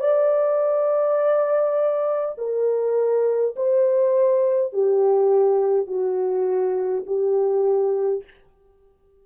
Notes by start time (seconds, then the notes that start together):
0.00 D5
2.37 A#4
3.56 C5
4.73 G4
5.87 F#4
7.06 G4